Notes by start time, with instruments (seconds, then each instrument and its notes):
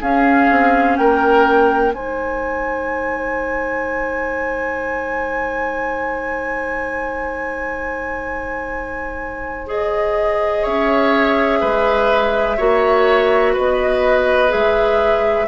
0.00 bassoon C#4, clarinet C#4, oboe G#4, flute F5
0.50 bassoon C4
0.96 bassoon A#3, oboe A#4, flute G5
1.93 bassoon G#3, clarinet D#4, oboe C5, flute G#5
9.66 clarinet G#4, flute D#5
10.62 bassoon C#4, oboe C#5, flute E5
11.60 bassoon G#3, oboe B4
12.57 bassoon A#3, clarinet F#4, oboe C#5
13.53 bassoon B3, oboe B4, flute D#5
14.48 bassoon G#3, clarinet G#4, flute E5